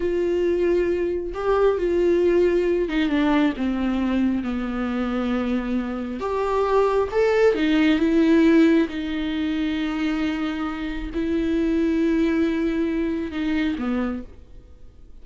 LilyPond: \new Staff \with { instrumentName = "viola" } { \time 4/4 \tempo 4 = 135 f'2. g'4 | f'2~ f'8 dis'8 d'4 | c'2 b2~ | b2 g'2 |
a'4 dis'4 e'2 | dis'1~ | dis'4 e'2.~ | e'2 dis'4 b4 | }